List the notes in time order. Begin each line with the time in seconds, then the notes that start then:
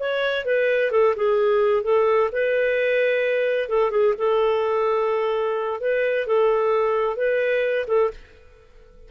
0.00 C#5
0.46 B4
0.92 A4
1.16 G#4
1.84 A4
2.32 B4
3.69 A4
3.91 G#4
4.18 A4
5.81 B4
6.27 A4
7.17 B4
7.88 A4